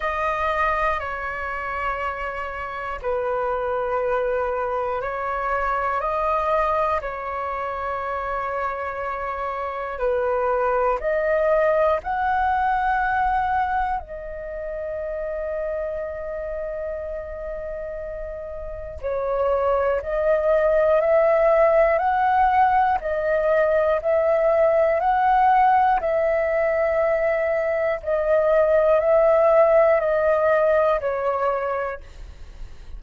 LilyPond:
\new Staff \with { instrumentName = "flute" } { \time 4/4 \tempo 4 = 60 dis''4 cis''2 b'4~ | b'4 cis''4 dis''4 cis''4~ | cis''2 b'4 dis''4 | fis''2 dis''2~ |
dis''2. cis''4 | dis''4 e''4 fis''4 dis''4 | e''4 fis''4 e''2 | dis''4 e''4 dis''4 cis''4 | }